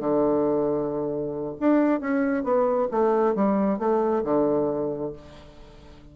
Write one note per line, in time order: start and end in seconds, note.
0.00 1.56 D3
1.60 2.01 D4
2.01 2.44 C#4
2.44 2.88 B3
2.91 3.36 A3
3.36 3.79 G3
3.79 4.24 A3
4.24 5.13 D3